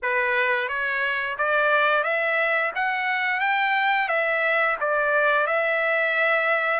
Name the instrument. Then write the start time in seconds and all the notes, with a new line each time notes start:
trumpet
0.02 B4
0.68 C#5
1.38 D5
2.03 E5
2.75 F#5
3.40 G5
4.08 E5
4.80 D5
5.46 E5